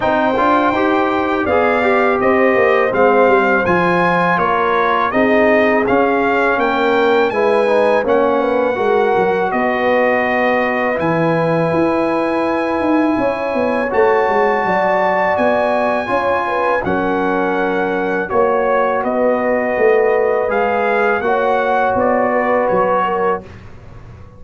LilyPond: <<
  \new Staff \with { instrumentName = "trumpet" } { \time 4/4 \tempo 4 = 82 g''2 f''4 dis''4 | f''4 gis''4 cis''4 dis''4 | f''4 g''4 gis''4 fis''4~ | fis''4 dis''2 gis''4~ |
gis''2. a''4~ | a''4 gis''2 fis''4~ | fis''4 cis''4 dis''2 | f''4 fis''4 d''4 cis''4 | }
  \new Staff \with { instrumentName = "horn" } { \time 4/4 c''2 d''4 c''4~ | c''2 ais'4 gis'4~ | gis'4 ais'4 b'4 cis''8 b'8 | ais'4 b'2.~ |
b'2 cis''2 | d''2 cis''8 b'8 ais'4~ | ais'4 cis''4 b'2~ | b'4 cis''4. b'4 ais'8 | }
  \new Staff \with { instrumentName = "trombone" } { \time 4/4 dis'8 f'8 g'4 gis'8 g'4. | c'4 f'2 dis'4 | cis'2 e'8 dis'8 cis'4 | fis'2. e'4~ |
e'2. fis'4~ | fis'2 f'4 cis'4~ | cis'4 fis'2. | gis'4 fis'2. | }
  \new Staff \with { instrumentName = "tuba" } { \time 4/4 c'8 d'8 dis'4 b4 c'8 ais8 | gis8 g8 f4 ais4 c'4 | cis'4 ais4 gis4 ais4 | gis8 fis8 b2 e4 |
e'4. dis'8 cis'8 b8 a8 gis8 | fis4 b4 cis'4 fis4~ | fis4 ais4 b4 a4 | gis4 ais4 b4 fis4 | }
>>